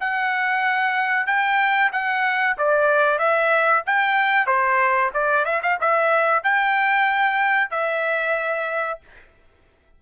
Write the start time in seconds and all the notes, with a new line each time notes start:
0.00 F#5
1.26 G5
1.92 F#5
2.57 D5
3.18 E5
3.86 G5
4.46 C5
5.13 D5
5.45 E5
5.62 F5
5.80 E5
6.43 G5
7.70 E5